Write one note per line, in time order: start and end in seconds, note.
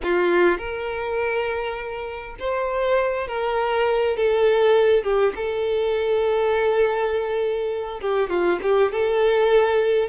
0.03 0.58 F4
0.58 2.36 A#4
2.39 3.27 C5
3.27 4.16 A#4
4.17 5.03 A4
5.03 5.33 G4
5.35 8.00 A4
8.00 8.29 G4
8.29 8.59 F4
8.62 8.92 G4
8.92 10.08 A4